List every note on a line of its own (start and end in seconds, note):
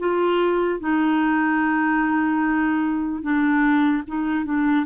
0.00 0.80 F4
0.80 3.22 D#4
3.22 4.04 D4
4.08 4.46 D#4
4.46 4.86 D4